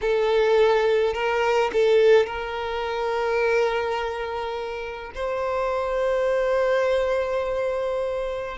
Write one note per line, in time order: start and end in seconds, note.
0.01 1.13 A4
1.13 1.70 A#4
1.72 2.26 A4
2.26 5.12 A#4
5.14 8.57 C5